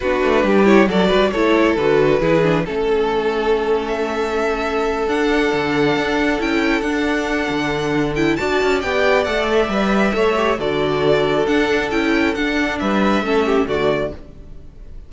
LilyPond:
<<
  \new Staff \with { instrumentName = "violin" } { \time 4/4 \tempo 4 = 136 b'4. cis''8 d''4 cis''4 | b'2 a'2~ | a'8. e''2~ e''8. fis''8~ | fis''2~ fis''8 g''4 fis''8~ |
fis''2~ fis''8 g''8 a''4 | g''4 fis''8 e''2~ e''8 | d''2 fis''4 g''4 | fis''4 e''2 d''4 | }
  \new Staff \with { instrumentName = "violin" } { \time 4/4 fis'4 g'4 a'8 b'8 a'4~ | a'4 gis'4 a'2~ | a'1~ | a'1~ |
a'2. d''4~ | d''2. cis''4 | a'1~ | a'4 b'4 a'8 g'8 fis'4 | }
  \new Staff \with { instrumentName = "viola" } { \time 4/4 d'4. e'8 fis'4 e'4 | fis'4 e'8 d'8 cis'2~ | cis'2.~ cis'8 d'8~ | d'2~ d'8 e'4 d'8~ |
d'2~ d'8 e'8 fis'4 | g'4 a'4 b'4 a'8 g'8 | fis'2 d'4 e'4 | d'2 cis'4 a4 | }
  \new Staff \with { instrumentName = "cello" } { \time 4/4 b8 a8 g4 fis8 g8 a4 | d4 e4 a2~ | a2.~ a8 d'8~ | d'8 d4 d'4 cis'4 d'8~ |
d'4 d2 d'8 cis'8 | b4 a4 g4 a4 | d2 d'4 cis'4 | d'4 g4 a4 d4 | }
>>